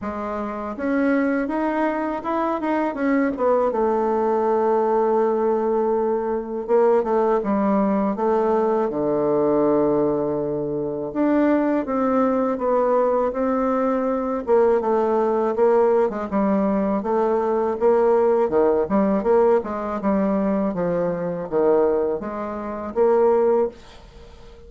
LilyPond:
\new Staff \with { instrumentName = "bassoon" } { \time 4/4 \tempo 4 = 81 gis4 cis'4 dis'4 e'8 dis'8 | cis'8 b8 a2.~ | a4 ais8 a8 g4 a4 | d2. d'4 |
c'4 b4 c'4. ais8 | a4 ais8. gis16 g4 a4 | ais4 dis8 g8 ais8 gis8 g4 | f4 dis4 gis4 ais4 | }